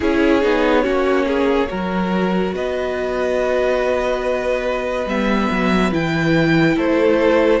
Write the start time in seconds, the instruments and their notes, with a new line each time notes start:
0.00 cello C#4, viola E4, violin G#4 C#5
0.42 cello B3, viola D#4
0.82 cello A#3, viola C#4, violin F#4
1.26 violin G#4
1.67 cello F#3, viola F#4, violin A#4
2.52 cello B3, violin B4 D#5
5.05 cello G3, viola B3, violin E5
5.50 cello F#3
5.92 cello E3, viola E4, violin G5
6.75 cello A3, violin A4 C5